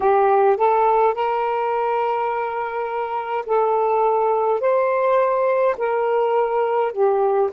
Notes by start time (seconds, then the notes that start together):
0.00 G4
0.57 A4
1.14 A#4
3.46 A4
4.60 C5
5.77 A#4
6.92 G4